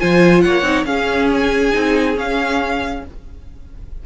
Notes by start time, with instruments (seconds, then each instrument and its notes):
0.00 cello F3, viola F4, violin C5 G#5
0.41 cello A#3, violin C#5 F#5
0.62 cello C4, viola D#4
0.85 cello C#4, viola C#4, violin G#4 F5
1.34 violin G#5
1.73 cello C4, viola D#4
2.15 viola C#4, cello C#4, violin F5